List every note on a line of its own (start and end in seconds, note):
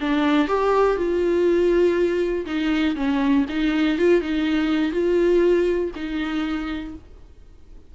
0.00 0.48 D4
0.48 0.97 G4
0.97 2.45 F4
2.46 2.95 D#4
2.96 3.45 C#4
3.49 3.98 D#4
3.98 4.21 F4
4.21 4.92 D#4
4.92 5.91 F4
5.95 6.94 D#4